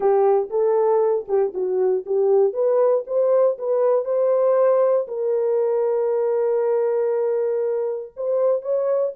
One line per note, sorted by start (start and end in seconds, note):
0.00 0.49 G4
0.49 1.26 A4
1.27 1.53 G4
1.54 2.05 F#4
2.06 2.53 G4
2.53 3.04 B4
3.06 3.57 C5
3.58 4.04 B4
4.04 5.06 C5
5.07 8.12 A#4
8.16 8.62 C5
8.62 9.12 C#5